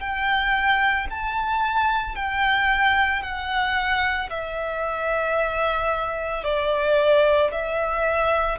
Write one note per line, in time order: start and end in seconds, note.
0.00 1.07 G5
1.10 2.15 A5
2.15 3.22 G5
3.22 4.29 F#5
4.30 6.44 E5
6.44 7.51 D5
7.51 8.58 E5